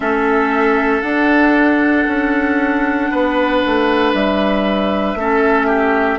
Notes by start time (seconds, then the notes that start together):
0.00 A3 C#4 A4 E5
1.01 D4 F#5
2.07 C#4
3.11 B3 B4
3.66 A3
4.14 G3 E5
5.14 A3 C#4 A4
5.67 G4